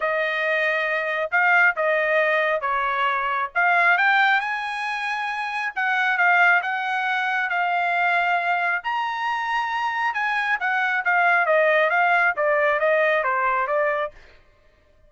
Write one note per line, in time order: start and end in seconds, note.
0.00 1.30 D#5
1.31 1.75 F5
1.75 2.60 D#5
2.60 3.49 C#5
3.54 3.97 F5
3.97 4.40 G5
4.40 5.72 G#5
5.75 6.17 F#5
6.17 6.61 F5
6.62 7.49 F#5
7.49 8.82 F5
8.83 10.14 A#5
10.14 10.58 G#5
10.59 11.04 F#5
11.04 11.46 F5
11.46 11.90 D#5
11.90 12.34 F5
12.36 12.79 D5
12.79 13.23 D#5
13.23 13.67 C5
13.67 14.11 D5